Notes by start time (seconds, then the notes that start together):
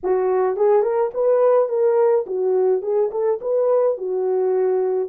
0.03 F#4
0.56 G#4
0.82 A#4
1.13 B4
1.68 A#4
2.26 F#4
2.82 G#4
3.11 A4
3.41 B4
3.97 F#4